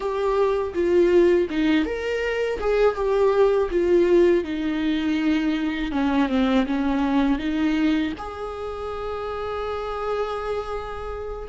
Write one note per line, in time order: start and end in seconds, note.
0.00 0.73 G4
0.73 1.47 F4
1.50 1.85 D#4
1.85 2.59 A#4
2.60 2.95 G#4
2.95 3.69 G4
3.70 4.44 F4
4.44 5.91 D#4
5.91 6.28 C#4
6.28 6.65 C4
6.65 7.38 C#4
7.38 8.12 D#4
8.18 11.49 G#4